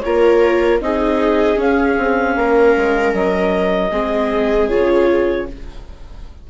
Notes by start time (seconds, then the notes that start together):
0.00 A#3 F4 A#4 C#5
0.80 C4 D#4 G#4 D#5
1.56 C#4 F5
1.98 C4
2.35 A#3 A#4
2.76 G#3
3.13 F#3 D#5
3.91 G#3 C4 G#4
4.69 C#3 F4 C#5